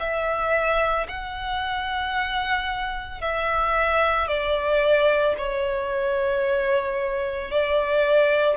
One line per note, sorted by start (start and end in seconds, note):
0.00 1.07 E5
1.08 3.21 F#5
3.21 4.28 E5
4.28 5.35 D5
5.38 7.51 C#5
7.51 8.57 D5